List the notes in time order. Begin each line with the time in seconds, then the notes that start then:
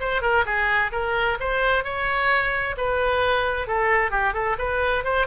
0.00 C5
0.22 A#4
0.46 G#4
0.92 A#4
1.40 C5
1.84 C#5
2.77 B4
3.68 A4
4.11 G4
4.34 A4
4.59 B4
5.04 C5